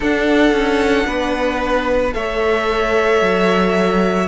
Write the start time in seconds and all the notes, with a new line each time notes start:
0.00 D4 A4 F#5
0.52 C#4
1.06 B3 B4
2.12 A3 A4 C#5 E5
3.21 F#3